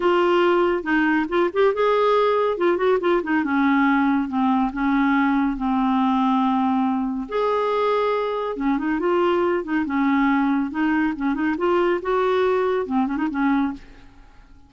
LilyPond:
\new Staff \with { instrumentName = "clarinet" } { \time 4/4 \tempo 4 = 140 f'2 dis'4 f'8 g'8 | gis'2 f'8 fis'8 f'8 dis'8 | cis'2 c'4 cis'4~ | cis'4 c'2.~ |
c'4 gis'2. | cis'8 dis'8 f'4. dis'8 cis'4~ | cis'4 dis'4 cis'8 dis'8 f'4 | fis'2 c'8 cis'16 dis'16 cis'4 | }